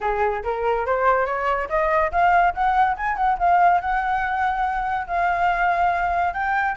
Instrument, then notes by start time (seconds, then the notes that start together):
flute
0.00 G#4
0.43 A#4
0.86 C5
1.26 C#5
1.69 D#5
2.11 F5
2.54 F#5
2.96 G#5
3.16 F#5
3.39 F5
3.80 F#5
5.07 F5
6.33 G5